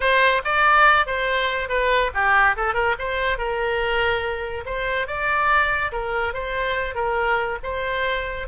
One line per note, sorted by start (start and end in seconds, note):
0.00 0.42 C5
0.44 1.06 D5
1.06 1.69 C5
1.69 2.11 B4
2.13 2.56 G4
2.56 2.73 A4
2.73 2.95 A#4
2.98 3.37 C5
3.37 4.64 A#4
4.65 5.07 C5
5.07 5.91 D5
5.92 6.33 A#4
6.33 6.94 C5
6.94 7.58 A#4
7.63 8.47 C5